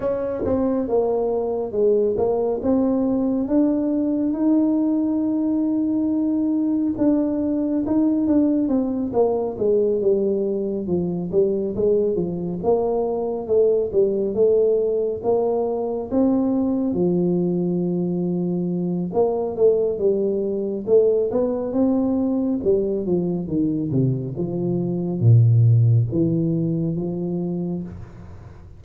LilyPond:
\new Staff \with { instrumentName = "tuba" } { \time 4/4 \tempo 4 = 69 cis'8 c'8 ais4 gis8 ais8 c'4 | d'4 dis'2. | d'4 dis'8 d'8 c'8 ais8 gis8 g8~ | g8 f8 g8 gis8 f8 ais4 a8 |
g8 a4 ais4 c'4 f8~ | f2 ais8 a8 g4 | a8 b8 c'4 g8 f8 dis8 c8 | f4 ais,4 e4 f4 | }